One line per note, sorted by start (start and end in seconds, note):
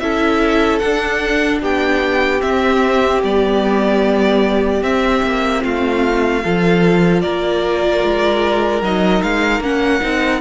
0.00 0.81 C#4
0.00 0.82 E4
0.00 1.62 A4
0.00 0.79 E5
0.79 1.62 D4
0.79 2.40 D4
0.79 1.59 F#5
1.62 2.42 B3
1.62 5.62 G4
1.62 2.42 G5
2.40 3.20 C4
2.40 3.24 C4
2.40 3.22 E5
3.24 4.82 G3
3.24 4.83 B3
3.24 4.83 D5
4.82 5.22 C4
4.82 6.43 C4
4.82 5.63 E5
5.24 5.64 A#3
5.63 6.44 A3
5.63 6.43 F4
5.63 7.22 F5
6.44 7.24 F3
6.44 8.84 F4
6.44 7.23 A4
7.22 8.04 A#3
7.22 10.42 A#4
7.22 8.82 D5
8.04 8.82 G#3
8.82 9.22 F#3
8.82 9.63 D#4
8.82 9.23 D#5
9.23 9.60 G#3
9.23 9.63 F5
9.60 10.00 A#3
9.60 10.01 C#4
9.60 10.42 F#5
10.01 10.42 C4
10.01 10.41 D#4